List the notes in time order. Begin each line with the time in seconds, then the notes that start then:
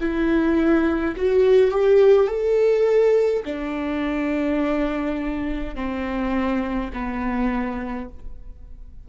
0.00 E4
1.16 F#4
1.72 G4
2.28 A4
3.45 D4
5.75 C4
6.93 B3